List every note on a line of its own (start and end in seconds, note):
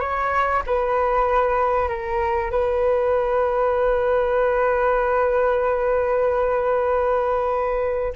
0.00 0.62 C#5
0.66 1.89 B4
1.89 2.51 A#4
2.51 8.13 B4